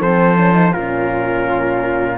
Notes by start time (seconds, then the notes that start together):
0.00 F3 C4 A4 C5
0.37 C#4
0.53 D#4
0.73 A#2 C#4 F4 A#4